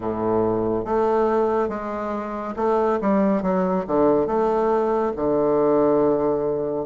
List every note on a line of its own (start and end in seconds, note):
0.00 0.84 A2
0.84 1.68 A3
1.68 2.54 G#3
2.56 2.99 A3
3.01 3.42 G3
3.42 3.85 F#3
3.87 4.26 D3
4.26 5.12 A3
5.15 6.86 D3